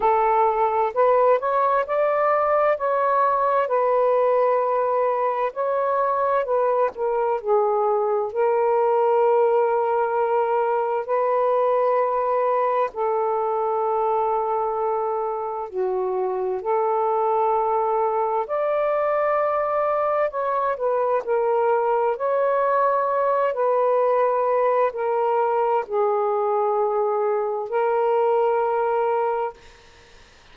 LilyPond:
\new Staff \with { instrumentName = "saxophone" } { \time 4/4 \tempo 4 = 65 a'4 b'8 cis''8 d''4 cis''4 | b'2 cis''4 b'8 ais'8 | gis'4 ais'2. | b'2 a'2~ |
a'4 fis'4 a'2 | d''2 cis''8 b'8 ais'4 | cis''4. b'4. ais'4 | gis'2 ais'2 | }